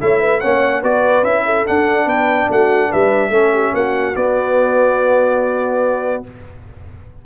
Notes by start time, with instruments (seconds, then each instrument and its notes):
0.00 tuba A3, trombone E4, horn C#5, trumpet E5
0.20 horn B4
0.40 tuba A#3, trombone C#4, horn C#5, trumpet F#5
0.81 tuba B3, trombone F#4, horn B4, trumpet D5
1.23 tuba C#4, trombone E4, trumpet E5
1.45 horn A4
1.66 trombone D4, tuba D4, trumpet F#5
2.06 tuba B3, horn B4, trumpet G5
2.49 tuba A3, horn F#4, trumpet F#5
2.89 tuba G3, horn B4, trumpet E5
3.29 tuba A3, trombone C#4, horn A4
3.52 horn G4
3.73 tuba A#3, horn F#4, trumpet F#5
4.15 trombone B3, tuba B3, trumpet D5